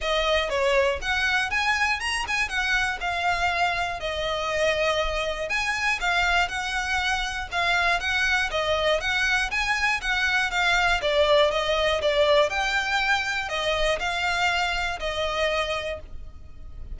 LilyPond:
\new Staff \with { instrumentName = "violin" } { \time 4/4 \tempo 4 = 120 dis''4 cis''4 fis''4 gis''4 | ais''8 gis''8 fis''4 f''2 | dis''2. gis''4 | f''4 fis''2 f''4 |
fis''4 dis''4 fis''4 gis''4 | fis''4 f''4 d''4 dis''4 | d''4 g''2 dis''4 | f''2 dis''2 | }